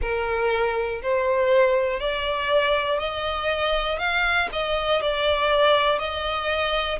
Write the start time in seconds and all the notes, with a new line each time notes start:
0.01 A#4
1.02 C5
2.00 D5
2.99 D#5
3.98 F5
4.52 D#5
5.01 D5
5.98 D#5